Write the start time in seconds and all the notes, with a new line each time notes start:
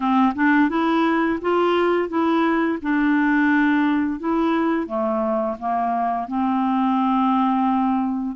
0.00 C4
0.35 D4
0.69 E4
1.41 F4
2.08 E4
2.82 D4
4.19 E4
4.86 A3
5.59 A#3
6.27 C4